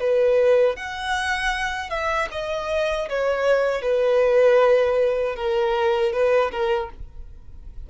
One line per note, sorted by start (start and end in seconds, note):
0.00 0.77 B4
0.77 1.90 F#5
1.90 2.29 E5
2.32 3.09 D#5
3.09 3.82 C#5
3.82 5.36 B4
5.36 6.13 A#4
6.13 6.51 B4
6.52 6.90 A#4